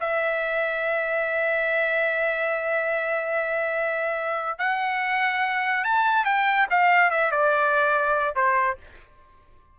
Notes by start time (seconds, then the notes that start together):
0.00 E5
4.58 F#5
5.84 A5
6.25 G5
6.70 F5
7.10 E5
7.31 D5
8.35 C5